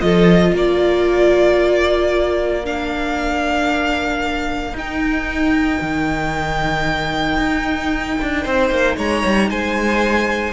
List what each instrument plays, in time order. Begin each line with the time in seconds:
0.00 cello F3, viola F4, violin A4 D#5
0.53 cello A#3, violin A#4 D5
2.64 viola D4, violin F5
4.73 cello D#4, viola D#4, violin G5
5.81 cello D#3
7.37 cello D#4
8.21 cello D4
8.43 cello C4, violin C5
8.70 cello A#3
8.96 cello G#3, violin C#5 A#5
9.25 cello G3
9.50 cello G#3, violin C5 G#5